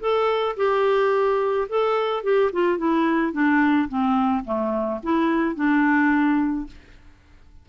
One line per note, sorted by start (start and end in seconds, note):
0.00 0.56 A4
0.57 1.68 G4
1.69 2.23 A4
2.23 2.51 G4
2.52 2.78 F4
2.78 3.32 E4
3.32 3.88 D4
3.88 4.44 C4
4.44 5.00 A3
5.03 5.55 E4
5.55 6.66 D4